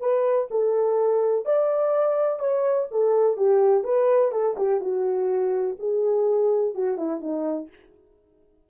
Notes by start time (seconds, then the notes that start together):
0.00 B4
0.50 A4
1.45 D5
2.39 C#5
2.91 A4
3.37 G4
3.83 B4
4.31 A4
4.57 G4
4.80 F#4
5.79 G#4
6.74 F#4
6.97 E4
7.20 D#4